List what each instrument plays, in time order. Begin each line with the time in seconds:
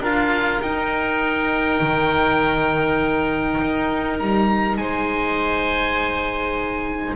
0.00 double bass D4, cello F4, oboe A#4 F5
0.61 double bass D#4, cello D#4, oboe G5
1.81 double bass D#3
3.61 double bass D#4
4.19 double bass G3, oboe A#5
4.77 double bass G#3, oboe C5 G#5